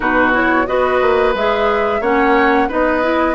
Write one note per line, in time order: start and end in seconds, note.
0.00 0.67 B2
0.00 0.32 D#4
0.00 0.66 F#4
0.00 0.31 B4
0.32 0.66 E4
0.32 0.67 C#5
0.66 1.01 B3
0.66 1.34 F#4
0.66 2.01 B4
0.66 1.34 D#5
1.01 1.34 A#3
1.34 2.00 G#3
1.34 2.02 G#4
1.34 2.02 E5
2.00 2.68 A#3
2.00 2.69 C#4
2.00 2.68 C#5
2.00 2.69 F#5
2.68 3.35 B3
2.68 3.02 D#4
2.68 3.35 B4
2.68 3.35 D#5
3.02 3.35 E4